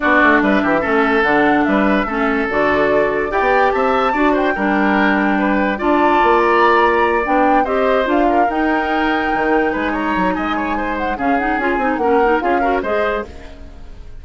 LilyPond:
<<
  \new Staff \with { instrumentName = "flute" } { \time 4/4 \tempo 4 = 145 d''4 e''2 fis''4 | e''2 d''2 | g''4 a''4. g''4.~ | g''2 a''4. ais''8~ |
ais''4. g''4 dis''4 f''8~ | f''8 g''2. gis''8 | ais''4 gis''4. fis''8 f''8 fis''8 | gis''4 fis''4 f''4 dis''4 | }
  \new Staff \with { instrumentName = "oboe" } { \time 4/4 fis'4 b'8 g'8 a'2 | b'4 a'2. | d''4 e''4 d''8 c''8 ais'4~ | ais'4 b'4 d''2~ |
d''2~ d''8 c''4. | ais'2.~ ais'8 b'8 | cis''4 dis''8 cis''8 c''4 gis'4~ | gis'4 ais'4 gis'8 ais'8 c''4 | }
  \new Staff \with { instrumentName = "clarinet" } { \time 4/4 d'2 cis'4 d'4~ | d'4 cis'4 fis'2 | g'2 fis'4 d'4~ | d'2 f'2~ |
f'4. d'4 g'4 f'8~ | f'8 dis'2.~ dis'8~ | dis'2. cis'8 dis'8 | f'8 dis'8 cis'8 dis'8 f'8 fis'8 gis'4 | }
  \new Staff \with { instrumentName = "bassoon" } { \time 4/4 b8 a8 g8 e8 a4 d4 | g4 a4 d2 | e'16 b8. c'4 d'4 g4~ | g2 d'4 ais4~ |
ais4. b4 c'4 d'8~ | d'8 dis'2 dis4 gis8~ | gis8 fis8 gis2 cis4 | cis'8 c'8 ais4 cis'4 gis4 | }
>>